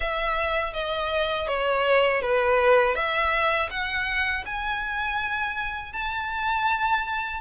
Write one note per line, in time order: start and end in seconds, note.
0.00 0.73 E5
0.73 1.47 D#5
1.47 2.21 C#5
2.21 2.95 B4
2.95 3.69 E5
3.70 4.44 F#5
4.45 5.92 G#5
5.92 7.40 A5